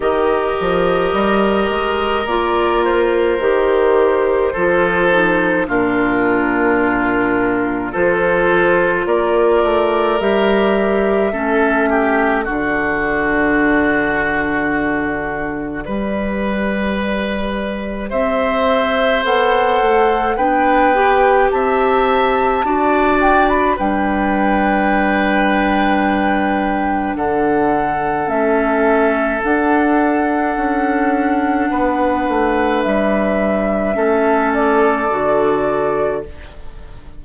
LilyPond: <<
  \new Staff \with { instrumentName = "flute" } { \time 4/4 \tempo 4 = 53 dis''2 d''8 c''4.~ | c''4 ais'2 c''4 | d''4 e''2 d''4~ | d''1 |
e''4 fis''4 g''4 a''4~ | a''8 g''16 b''16 g''2. | fis''4 e''4 fis''2~ | fis''4 e''4. d''4. | }
  \new Staff \with { instrumentName = "oboe" } { \time 4/4 ais'1 | a'4 f'2 a'4 | ais'2 a'8 g'8 fis'4~ | fis'2 b'2 |
c''2 b'4 e''4 | d''4 b'2. | a'1 | b'2 a'2 | }
  \new Staff \with { instrumentName = "clarinet" } { \time 4/4 g'2 f'4 g'4 | f'8 dis'8 d'2 f'4~ | f'4 g'4 cis'4 d'4~ | d'2 g'2~ |
g'4 a'4 d'8 g'4. | fis'4 d'2.~ | d'4 cis'4 d'2~ | d'2 cis'4 fis'4 | }
  \new Staff \with { instrumentName = "bassoon" } { \time 4/4 dis8 f8 g8 gis8 ais4 dis4 | f4 ais,2 f4 | ais8 a8 g4 a4 d4~ | d2 g2 |
c'4 b8 a8 b4 c'4 | d'4 g2. | d4 a4 d'4 cis'4 | b8 a8 g4 a4 d4 | }
>>